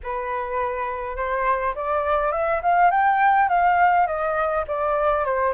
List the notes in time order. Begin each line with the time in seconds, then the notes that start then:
0.03 B4
1.16 C5
1.75 D5
2.32 E5
2.62 F5
2.90 G5
3.48 F5
4.06 D#5
4.67 D5
5.24 C5